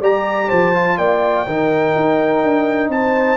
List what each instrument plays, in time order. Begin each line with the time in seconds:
0.00 tuba G3, trombone G4, horn D5, trumpet A#5
0.48 tuba F3, horn C5, trumpet A5
0.74 trombone F4
0.97 tuba A#3, horn D5, trumpet G5
1.46 tuba D#3, trombone D#4, horn A#4
1.95 tuba D#4
2.43 tuba D4
2.89 tuba C4, horn C5, trumpet A5